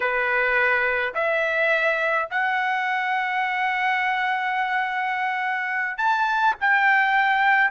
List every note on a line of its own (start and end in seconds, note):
0.00 1.14 B4
1.14 2.28 E5
2.30 5.97 F#5
5.97 6.55 A5
6.60 7.70 G5